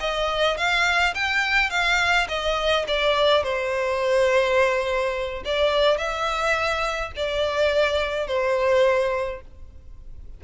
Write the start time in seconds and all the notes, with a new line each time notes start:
0.00 D#5
0.57 F5
1.15 G5
1.70 F5
2.29 D#5
2.88 D5
3.43 C5
5.45 D5
5.98 E5
7.16 D5
8.27 C5